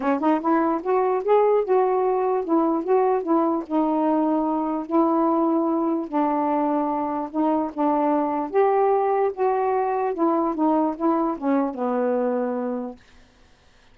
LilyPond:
\new Staff \with { instrumentName = "saxophone" } { \time 4/4 \tempo 4 = 148 cis'8 dis'8 e'4 fis'4 gis'4 | fis'2 e'4 fis'4 | e'4 dis'2. | e'2. d'4~ |
d'2 dis'4 d'4~ | d'4 g'2 fis'4~ | fis'4 e'4 dis'4 e'4 | cis'4 b2. | }